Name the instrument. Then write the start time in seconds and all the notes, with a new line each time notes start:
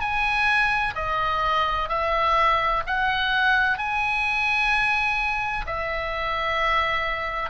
oboe
0.00 G#5
0.95 D#5
1.89 E5
2.86 F#5
3.78 G#5
5.66 E5